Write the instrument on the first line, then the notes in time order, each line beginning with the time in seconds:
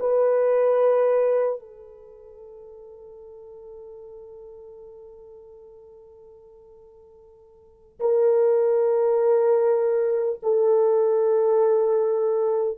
horn
0.00 B4
1.60 A4
8.00 A#4
10.43 A4